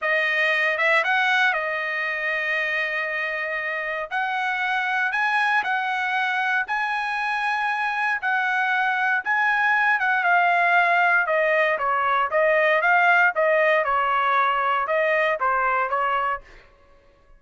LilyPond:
\new Staff \with { instrumentName = "trumpet" } { \time 4/4 \tempo 4 = 117 dis''4. e''8 fis''4 dis''4~ | dis''1 | fis''2 gis''4 fis''4~ | fis''4 gis''2. |
fis''2 gis''4. fis''8 | f''2 dis''4 cis''4 | dis''4 f''4 dis''4 cis''4~ | cis''4 dis''4 c''4 cis''4 | }